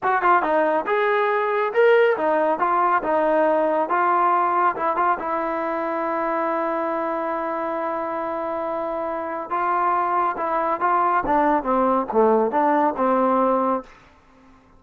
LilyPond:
\new Staff \with { instrumentName = "trombone" } { \time 4/4 \tempo 4 = 139 fis'8 f'8 dis'4 gis'2 | ais'4 dis'4 f'4 dis'4~ | dis'4 f'2 e'8 f'8 | e'1~ |
e'1~ | e'2 f'2 | e'4 f'4 d'4 c'4 | a4 d'4 c'2 | }